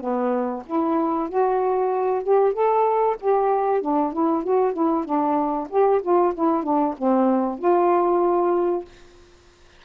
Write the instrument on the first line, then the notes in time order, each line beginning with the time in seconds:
saxophone
0.00 B3
0.66 E4
1.29 F#4
2.23 G4
2.53 A4
3.20 G4
3.81 D4
4.13 E4
4.44 F#4
4.73 E4
5.05 D4
5.70 G4
6.02 F4
6.34 E4
6.63 D4
6.98 C4
7.58 F4